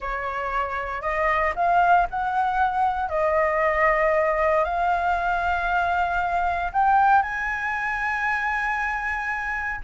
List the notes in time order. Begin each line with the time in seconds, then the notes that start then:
0.00 C#5
1.01 D#5
1.55 F5
2.09 F#5
3.09 D#5
4.64 F5
6.72 G5
7.22 G#5